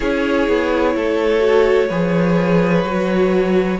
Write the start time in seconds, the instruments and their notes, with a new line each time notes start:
0.00 cello C#4, viola E4, violin G#4 C#5
0.47 cello B3
0.95 cello A3, violin A4
1.39 viola F#4
1.88 cello F3, viola G#4, violin B4
2.84 cello F#3, viola F#4